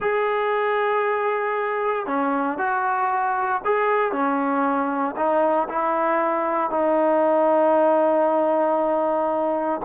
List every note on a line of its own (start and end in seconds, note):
0.00 2.06 G#4
2.06 2.58 C#4
2.58 3.61 F#4
3.64 4.11 G#4
4.11 5.15 C#4
5.16 5.68 D#4
5.68 6.70 E4
6.70 9.80 D#4